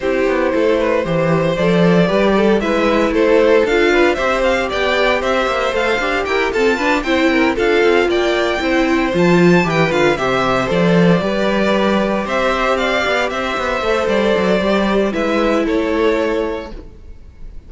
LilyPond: <<
  \new Staff \with { instrumentName = "violin" } { \time 4/4 \tempo 4 = 115 c''2. d''4~ | d''4 e''4 c''4 f''4 | e''8 f''8 g''4 e''4 f''4 | g''8 a''4 g''4 f''4 g''8~ |
g''4. a''4 g''8 f''8 e''8~ | e''8 d''2. e''8~ | e''8 f''4 e''4. d''4~ | d''4 e''4 cis''2 | }
  \new Staff \with { instrumentName = "violin" } { \time 4/4 g'4 a'8 b'8 c''2 | b'8 a'8 b'4 a'4. b'8 | c''4 d''4 c''2 | ais'8 a'8 b'8 c''8 ais'8 a'4 d''8~ |
d''8 c''2 b'4 c''8~ | c''4. b'2 c''8~ | c''8 d''4 c''2~ c''8~ | c''4 b'4 a'2 | }
  \new Staff \with { instrumentName = "viola" } { \time 4/4 e'2 g'4 a'4 | g'4 e'2 f'4 | g'2. a'8 g'8~ | g'8 c'8 d'8 e'4 f'4.~ |
f'8 e'4 f'4 g'8 f'8 g'8~ | g'8 a'4 g'2~ g'8~ | g'2~ g'8 a'4. | g'4 e'2. | }
  \new Staff \with { instrumentName = "cello" } { \time 4/4 c'8 b8 a4 e4 f4 | g4 gis4 a4 d'4 | c'4 b4 c'8 ais8 a8 d'8 | e'8 f'4 c'4 d'8 c'8 ais8~ |
ais8 c'4 f4 e8 d8 c8~ | c8 f4 g2 c'8~ | c'4 b8 c'8 b8 a8 g8 fis8 | g4 gis4 a2 | }
>>